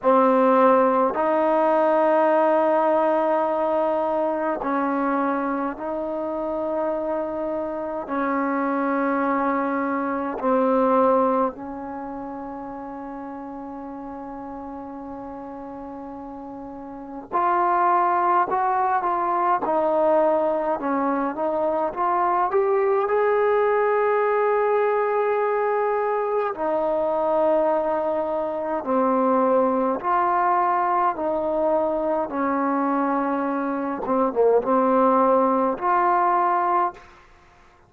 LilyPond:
\new Staff \with { instrumentName = "trombone" } { \time 4/4 \tempo 4 = 52 c'4 dis'2. | cis'4 dis'2 cis'4~ | cis'4 c'4 cis'2~ | cis'2. f'4 |
fis'8 f'8 dis'4 cis'8 dis'8 f'8 g'8 | gis'2. dis'4~ | dis'4 c'4 f'4 dis'4 | cis'4. c'16 ais16 c'4 f'4 | }